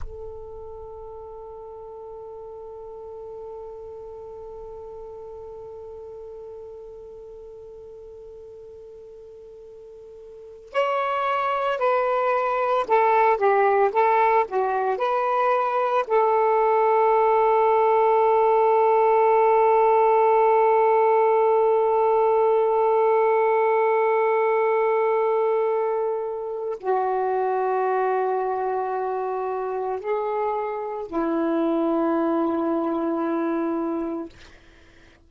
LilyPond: \new Staff \with { instrumentName = "saxophone" } { \time 4/4 \tempo 4 = 56 a'1~ | a'1~ | a'2 cis''4 b'4 | a'8 g'8 a'8 fis'8 b'4 a'4~ |
a'1~ | a'1~ | a'4 fis'2. | gis'4 e'2. | }